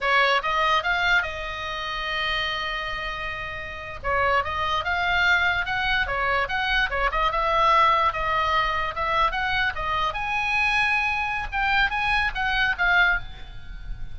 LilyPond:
\new Staff \with { instrumentName = "oboe" } { \time 4/4 \tempo 4 = 146 cis''4 dis''4 f''4 dis''4~ | dis''1~ | dis''4.~ dis''16 cis''4 dis''4 f''16~ | f''4.~ f''16 fis''4 cis''4 fis''16~ |
fis''8. cis''8 dis''8 e''2 dis''16~ | dis''4.~ dis''16 e''4 fis''4 dis''16~ | dis''8. gis''2.~ gis''16 | g''4 gis''4 fis''4 f''4 | }